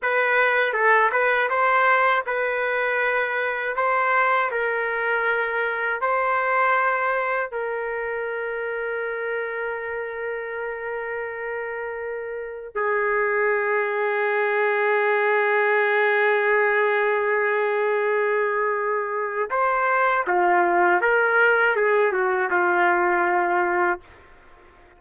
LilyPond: \new Staff \with { instrumentName = "trumpet" } { \time 4/4 \tempo 4 = 80 b'4 a'8 b'8 c''4 b'4~ | b'4 c''4 ais'2 | c''2 ais'2~ | ais'1~ |
ais'4 gis'2.~ | gis'1~ | gis'2 c''4 f'4 | ais'4 gis'8 fis'8 f'2 | }